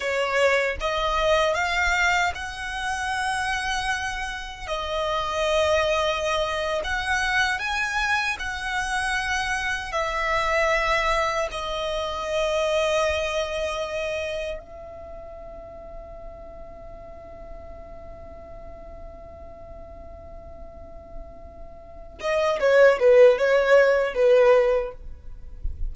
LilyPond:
\new Staff \with { instrumentName = "violin" } { \time 4/4 \tempo 4 = 77 cis''4 dis''4 f''4 fis''4~ | fis''2 dis''2~ | dis''8. fis''4 gis''4 fis''4~ fis''16~ | fis''8. e''2 dis''4~ dis''16~ |
dis''2~ dis''8. e''4~ e''16~ | e''1~ | e''1~ | e''8 dis''8 cis''8 b'8 cis''4 b'4 | }